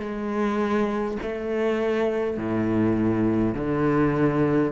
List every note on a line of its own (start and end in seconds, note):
0.00 1.18 G#3
1.22 2.37 A3
2.37 3.55 A2
3.55 4.72 D3